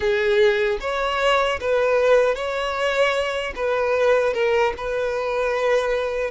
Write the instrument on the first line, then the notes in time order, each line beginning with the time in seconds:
violin
0.00 G#4
0.80 C#5
1.60 B4
2.35 C#5
3.55 B4
4.33 A#4
4.77 B4